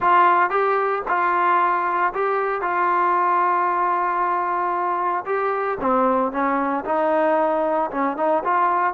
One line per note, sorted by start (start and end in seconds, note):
0.00 0.50 F4
0.50 1.02 G4
1.07 2.13 F4
2.13 2.61 G4
2.61 5.24 F4
5.25 5.78 G4
5.80 6.32 C4
6.32 6.84 C#4
6.84 7.90 D#4
7.90 8.16 C#4
8.16 8.43 D#4
8.43 8.93 F4